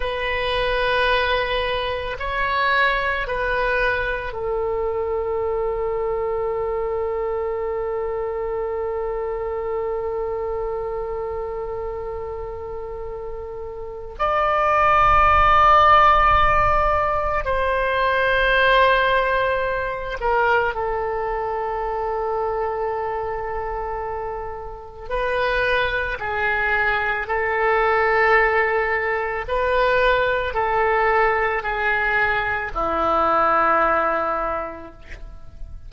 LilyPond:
\new Staff \with { instrumentName = "oboe" } { \time 4/4 \tempo 4 = 55 b'2 cis''4 b'4 | a'1~ | a'1~ | a'4 d''2. |
c''2~ c''8 ais'8 a'4~ | a'2. b'4 | gis'4 a'2 b'4 | a'4 gis'4 e'2 | }